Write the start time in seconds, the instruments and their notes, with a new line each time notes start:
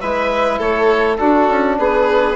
0.00 bassoon G#3, trombone E4, violin B4, oboe E5
0.58 bassoon A3, violin A4, oboe C#5
1.16 trombone D4, bassoon D4, violin F#4, oboe A4
1.49 bassoon C#4
1.78 bassoon B3, violin G#4, oboe B4